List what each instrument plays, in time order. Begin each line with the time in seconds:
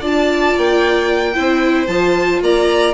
0.00 bassoon D4, viola F4, violin D5
0.06 violin A5
0.57 bassoon A#3, violin G5
1.34 bassoon C4, viola E4, violin C5
1.87 bassoon F3, viola F4, violin A5
2.41 bassoon A#3, violin D5 A#5